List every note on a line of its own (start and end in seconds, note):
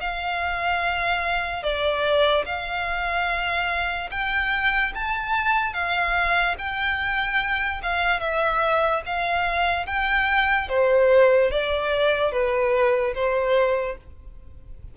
0.00 1.63 F5
1.63 2.45 D5
2.45 4.09 F5
4.11 4.93 G5
4.95 5.73 A5
5.73 6.55 F5
6.58 7.81 G5
7.82 8.20 F5
8.20 9.02 E5
9.06 9.86 F5
9.86 10.68 G5
10.68 11.51 C5
11.51 12.31 D5
12.31 13.14 B4
13.14 13.97 C5